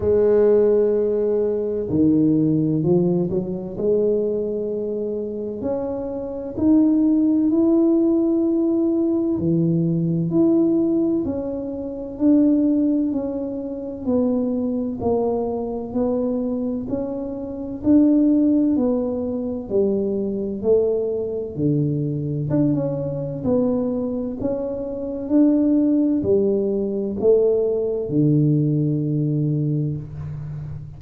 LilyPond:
\new Staff \with { instrumentName = "tuba" } { \time 4/4 \tempo 4 = 64 gis2 dis4 f8 fis8 | gis2 cis'4 dis'4 | e'2 e4 e'4 | cis'4 d'4 cis'4 b4 |
ais4 b4 cis'4 d'4 | b4 g4 a4 d4 | d'16 cis'8. b4 cis'4 d'4 | g4 a4 d2 | }